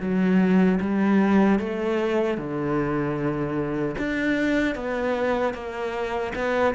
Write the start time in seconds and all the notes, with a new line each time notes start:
0.00 F#3
0.80 G3
1.59 A3
2.38 D3
3.98 D4
4.75 B3
5.54 A#3
6.35 B3